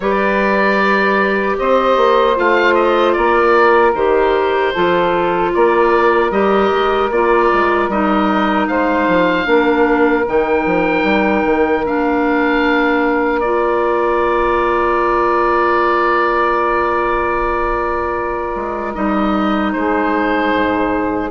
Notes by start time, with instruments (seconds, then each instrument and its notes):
0.00 bassoon G3, clarinet G4, saxophone B4, oboe D5
1.58 bassoon C4, saxophone C5, oboe D#5
1.96 bassoon A#3
2.35 bassoon A3, clarinet F4, oboe F5
2.74 oboe D#5
3.12 bassoon A#3, saxophone A#4, oboe D5
3.94 bassoon D#3, clarinet G4, oboe C5
4.72 bassoon F3, clarinet F4, saxophone A4
5.53 bassoon A#3, saxophone A#4, oboe D5
6.31 bassoon G3, clarinet G4, oboe D#5
6.72 bassoon G#3
7.10 bassoon A#3, clarinet F4, oboe D5
7.53 bassoon G#3
7.88 bassoon G3, clarinet D#4, oboe D#5
8.67 bassoon G#3, saxophone C5, oboe F5
9.07 bassoon F3
9.44 bassoon A#3, clarinet D4, saxophone A#4
10.27 bassoon D#3, clarinet D#4, oboe G5
10.65 bassoon F3
11.03 bassoon G3
11.45 bassoon D#3
11.85 bassoon A#3, clarinet D4, oboe F5
13.40 clarinet F4, oboe D5
18.55 bassoon G#3
18.94 bassoon G3, clarinet D#4, oboe D#5
19.72 bassoon G#3, saxophone G#4, oboe C5
20.53 bassoon G#2